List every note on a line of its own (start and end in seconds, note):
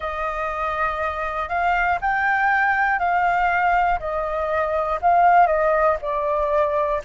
0.00 1.49 D#5
1.49 1.99 F5
2.00 2.99 G5
2.99 3.99 F5
4.00 5.00 D#5
5.01 5.46 F5
5.46 5.96 D#5
6.01 7.01 D5